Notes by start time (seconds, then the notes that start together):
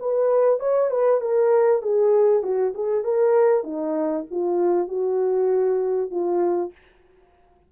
0.00 B4
0.60 C#5
0.90 B4
1.21 A#4
1.82 G#4
2.43 F#4
2.75 G#4
3.04 A#4
3.64 D#4
4.31 F4
4.88 F#4
6.11 F4